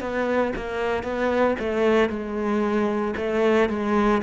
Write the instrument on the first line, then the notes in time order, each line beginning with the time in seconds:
cello
0.00 B3
0.56 A#3
1.03 B3
1.59 A3
2.09 G#3
3.16 A3
3.69 G#3